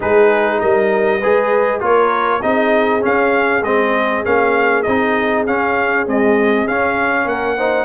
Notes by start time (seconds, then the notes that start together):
0.00 G#3 D#4 G#4 B4
0.60 G3 A#4 D#5
1.19 G#3 G#4 B4
1.80 A#3 F4 A#4 C#5
2.41 C4 D#4 G#4 D#5
3.00 C#4 F5
3.62 G#3 C4 D#5
4.24 A#3 C#4 F5
4.82 C4 D#4 D#5
5.46 C#4 F5
6.07 G#3 C4 D#5
6.67 C#4 F5
7.25 A#3 A#4 F#5
7.57 D#4 C5